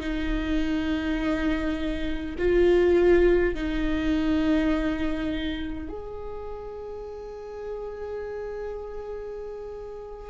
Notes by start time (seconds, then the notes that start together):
0.00 D#4
2.38 F4
3.55 D#4
5.89 G#4